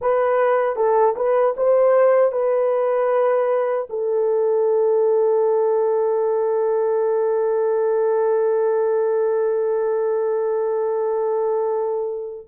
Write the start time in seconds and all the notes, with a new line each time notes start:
0.01 B4
0.75 A4
1.15 B4
1.57 C5
2.32 B4
3.89 A4